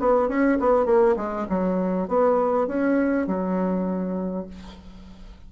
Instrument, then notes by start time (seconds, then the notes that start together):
bassoon
0.00 B3
0.29 C#4
0.60 B3
0.86 A#3
1.17 G#3
1.49 F#3
2.08 B3
2.67 C#4
3.27 F#3